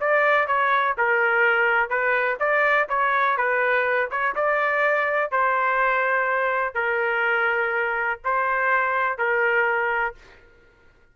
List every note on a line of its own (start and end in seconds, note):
0.00 0.47 D5
0.47 0.95 C#5
0.98 1.90 A#4
1.90 2.38 B4
2.39 2.88 D5
2.89 3.37 C#5
3.37 4.10 B4
4.11 4.35 C#5
4.35 5.31 D5
5.31 6.74 C5
6.74 8.19 A#4
8.24 9.18 C5
9.18 10.15 A#4